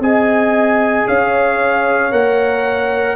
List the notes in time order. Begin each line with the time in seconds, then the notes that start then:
0.00 C4 G#4 D#5 G#5
1.07 C#4 C#5 F5
2.12 A#3 A#4 F#5